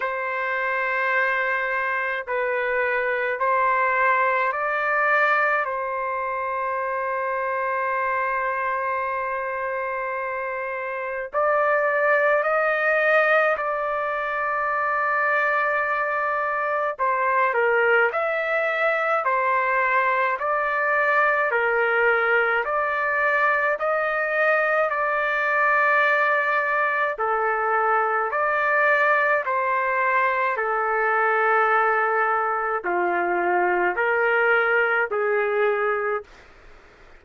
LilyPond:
\new Staff \with { instrumentName = "trumpet" } { \time 4/4 \tempo 4 = 53 c''2 b'4 c''4 | d''4 c''2.~ | c''2 d''4 dis''4 | d''2. c''8 ais'8 |
e''4 c''4 d''4 ais'4 | d''4 dis''4 d''2 | a'4 d''4 c''4 a'4~ | a'4 f'4 ais'4 gis'4 | }